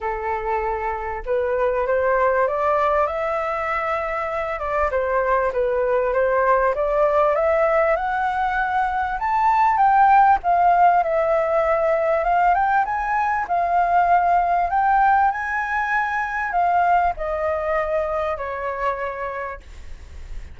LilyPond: \new Staff \with { instrumentName = "flute" } { \time 4/4 \tempo 4 = 98 a'2 b'4 c''4 | d''4 e''2~ e''8 d''8 | c''4 b'4 c''4 d''4 | e''4 fis''2 a''4 |
g''4 f''4 e''2 | f''8 g''8 gis''4 f''2 | g''4 gis''2 f''4 | dis''2 cis''2 | }